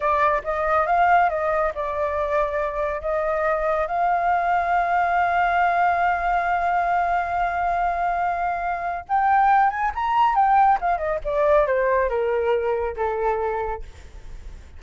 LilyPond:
\new Staff \with { instrumentName = "flute" } { \time 4/4 \tempo 4 = 139 d''4 dis''4 f''4 dis''4 | d''2. dis''4~ | dis''4 f''2.~ | f''1~ |
f''1~ | f''4 g''4. gis''8 ais''4 | g''4 f''8 dis''8 d''4 c''4 | ais'2 a'2 | }